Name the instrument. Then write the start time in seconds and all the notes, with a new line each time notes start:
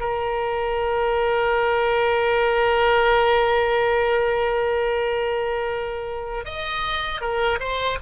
oboe
0.00 A#4
6.45 D#5
7.21 A#4
7.60 C5